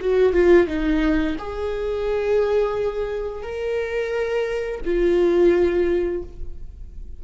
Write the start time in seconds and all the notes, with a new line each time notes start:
0.00 F#4
0.33 F4
0.67 D#4
1.38 G#4
3.43 A#4
4.85 F4